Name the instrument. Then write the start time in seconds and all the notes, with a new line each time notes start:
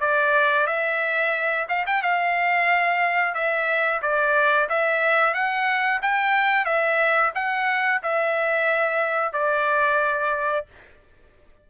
trumpet
0.00 D5
0.67 E5
1.68 F5
1.86 G5
2.02 F5
3.34 E5
4.02 D5
4.69 E5
5.34 F#5
6.02 G5
6.65 E5
7.35 F#5
8.03 E5
9.32 D5